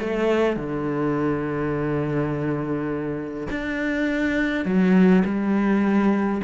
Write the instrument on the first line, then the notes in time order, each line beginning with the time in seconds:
cello
0.00 A3
0.56 D3
3.50 D4
4.65 F#3
5.25 G3